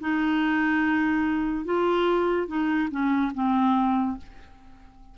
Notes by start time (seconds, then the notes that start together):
0.00 D#4
1.65 F4
2.47 D#4
2.91 C#4
3.34 C4